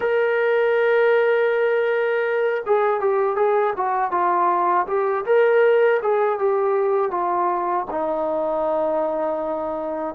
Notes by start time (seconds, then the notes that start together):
0.00 A#4
2.66 G#4
3.00 G4
3.36 G#4
3.76 F#4
4.11 F4
4.87 G4
5.25 A#4
6.02 G#4
6.39 G4
7.10 F4
7.90 D#4